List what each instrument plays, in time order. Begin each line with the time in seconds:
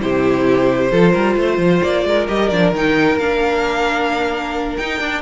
0.00 cello C3, viola E4, violin G4 C5
0.92 cello F3, viola F4, violin A4
1.12 cello G3, violin A#4
1.37 cello A3, violin C5
1.58 cello F3
1.82 cello A#3, violin D5
2.05 cello G#3, violin A#4
2.28 cello G3, viola G4, violin D#5
2.49 cello F3, viola D4, violin D5
2.72 cello D#3, viola D#4, violin G5
3.18 cello A#3, viola D4, violin F5
4.76 cello D#4, viola D#4, violin G5
5.00 cello D4, viola D4